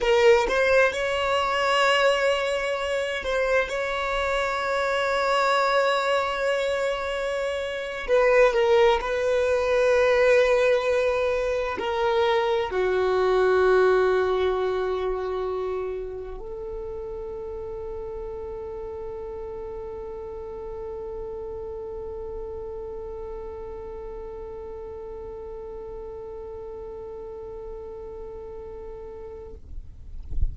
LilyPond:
\new Staff \with { instrumentName = "violin" } { \time 4/4 \tempo 4 = 65 ais'8 c''8 cis''2~ cis''8 c''8 | cis''1~ | cis''8. b'8 ais'8 b'2~ b'16~ | b'8. ais'4 fis'2~ fis'16~ |
fis'4.~ fis'16 a'2~ a'16~ | a'1~ | a'1~ | a'1 | }